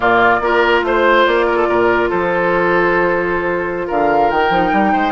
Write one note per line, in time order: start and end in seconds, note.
0.00 0.40 A#2
0.00 0.40 A#3
0.00 0.40 F4
0.00 0.82 D5
0.40 0.82 A#3
0.40 4.52 F4
0.40 0.85 A#4
0.82 1.24 A3
0.82 1.25 C5
0.82 1.46 C5
1.25 1.68 A#3
1.25 2.09 D5
1.46 1.56 A#4
1.56 1.67 A4
1.68 2.10 A#2
1.68 2.09 A#4
2.09 3.89 F3
2.09 3.87 A4
2.09 3.88 C5
3.87 4.30 D3
3.87 4.92 A#4
3.87 4.30 F5
4.30 4.49 D#3
4.30 5.11 G5
4.49 4.70 F3
4.49 5.11 D#4
4.72 4.93 G3
4.92 5.11 G#3
4.92 5.11 C5